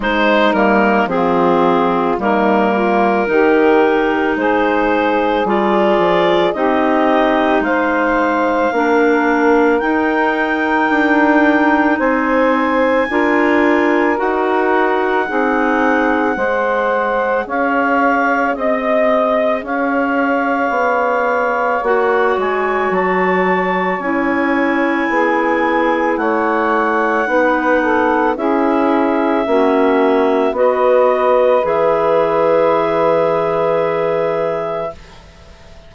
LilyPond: <<
  \new Staff \with { instrumentName = "clarinet" } { \time 4/4 \tempo 4 = 55 c''8 ais'8 gis'4 ais'2 | c''4 d''4 dis''4 f''4~ | f''4 g''2 gis''4~ | gis''4 fis''2. |
f''4 dis''4 f''2 | fis''8 gis''8 a''4 gis''2 | fis''2 e''2 | dis''4 e''2. | }
  \new Staff \with { instrumentName = "saxophone" } { \time 4/4 dis'4 f'4 dis'8 f'8 g'4 | gis'2 g'4 c''4 | ais'2. c''4 | ais'2 gis'4 c''4 |
cis''4 dis''4 cis''2~ | cis''2. gis'4 | cis''4 b'8 a'8 gis'4 fis'4 | b'1 | }
  \new Staff \with { instrumentName = "clarinet" } { \time 4/4 gis8 ais8 c'4 ais4 dis'4~ | dis'4 f'4 dis'2 | d'4 dis'2. | f'4 fis'4 dis'4 gis'4~ |
gis'1 | fis'2 e'2~ | e'4 dis'4 e'4 cis'4 | fis'4 gis'2. | }
  \new Staff \with { instrumentName = "bassoon" } { \time 4/4 gis8 g8 f4 g4 dis4 | gis4 g8 f8 c'4 gis4 | ais4 dis'4 d'4 c'4 | d'4 dis'4 c'4 gis4 |
cis'4 c'4 cis'4 b4 | ais8 gis8 fis4 cis'4 b4 | a4 b4 cis'4 ais4 | b4 e2. | }
>>